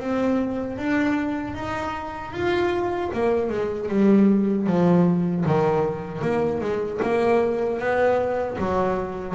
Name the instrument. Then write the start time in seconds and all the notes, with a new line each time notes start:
double bass
0.00 C4
0.78 D4
1.54 D#4
2.33 F4
3.13 A#3
3.50 G#3
3.89 G3
4.67 F3
5.46 D#3
6.22 A#3
6.61 G#3
7.03 A#3
7.80 B3
8.58 F#3